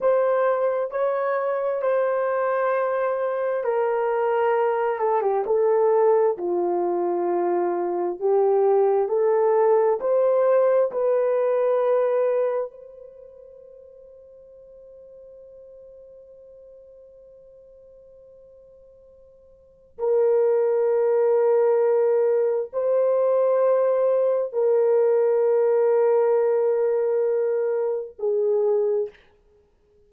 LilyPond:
\new Staff \with { instrumentName = "horn" } { \time 4/4 \tempo 4 = 66 c''4 cis''4 c''2 | ais'4. a'16 g'16 a'4 f'4~ | f'4 g'4 a'4 c''4 | b'2 c''2~ |
c''1~ | c''2 ais'2~ | ais'4 c''2 ais'4~ | ais'2. gis'4 | }